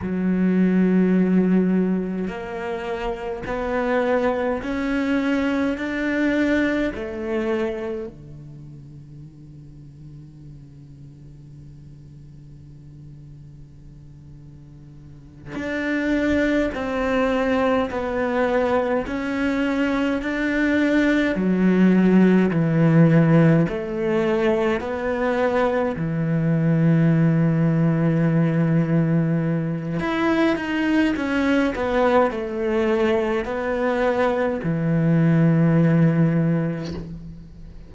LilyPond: \new Staff \with { instrumentName = "cello" } { \time 4/4 \tempo 4 = 52 fis2 ais4 b4 | cis'4 d'4 a4 d4~ | d1~ | d4. d'4 c'4 b8~ |
b8 cis'4 d'4 fis4 e8~ | e8 a4 b4 e4.~ | e2 e'8 dis'8 cis'8 b8 | a4 b4 e2 | }